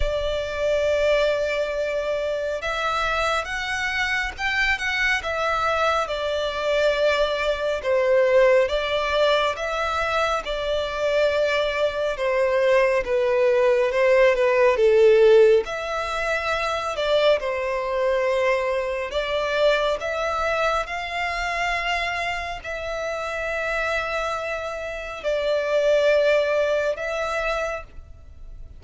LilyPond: \new Staff \with { instrumentName = "violin" } { \time 4/4 \tempo 4 = 69 d''2. e''4 | fis''4 g''8 fis''8 e''4 d''4~ | d''4 c''4 d''4 e''4 | d''2 c''4 b'4 |
c''8 b'8 a'4 e''4. d''8 | c''2 d''4 e''4 | f''2 e''2~ | e''4 d''2 e''4 | }